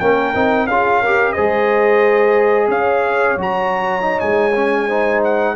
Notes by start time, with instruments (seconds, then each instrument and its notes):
0.00 tuba A#3, trombone C#4, horn A#4, trumpet G5
0.34 tuba C4, trombone D#4
0.67 tuba C#4, trombone F4, horn G#4, trumpet F5
1.01 trombone G4, horn A#4
1.33 tuba G#3, trombone G#4, horn C5, trumpet D#5
2.68 tuba C#4, horn C#5, trumpet F5
3.37 tuba F#3, trombone F#4, trumpet A#5
4.02 trombone D#4
4.20 tuba G#3, trumpet G#5
4.55 trombone C#4
4.87 trombone D#4, horn C5
5.24 trumpet F#5